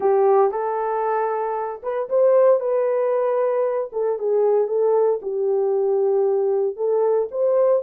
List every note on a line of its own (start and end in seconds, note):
0.00 0.51 G4
0.51 1.81 A4
1.82 2.08 B4
2.09 2.60 C5
2.60 3.90 B4
3.92 4.18 A4
4.18 4.67 G#4
4.67 5.19 A4
5.22 6.76 G4
6.76 7.28 A4
7.31 7.82 C5